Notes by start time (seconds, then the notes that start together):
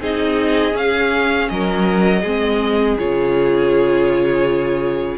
0.00 C4 D#4 G#4 D#5
0.72 C#4 F5
1.49 F#3 A#4 D#5
2.21 G#3 C4 G#4
2.98 C#3 F4 C#5